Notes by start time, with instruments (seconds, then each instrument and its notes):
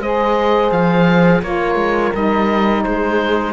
0.00 cello G#3, saxophone G#4, horn C5, oboe D#5
0.71 cello F3, oboe F5
1.42 cello A#3, saxophone F4, horn A#4, oboe C#5
1.75 cello G#3
2.14 cello G3, saxophone D#4, oboe D#5
2.83 cello G#3, horn G#4, oboe C5